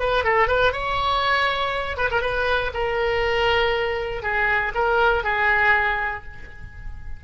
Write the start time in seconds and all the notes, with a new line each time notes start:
0.00 B4
0.25 A4
0.48 B4
0.73 C#5
1.97 B4
2.11 A#4
2.22 B4
2.74 A#4
4.23 G#4
4.75 A#4
5.24 G#4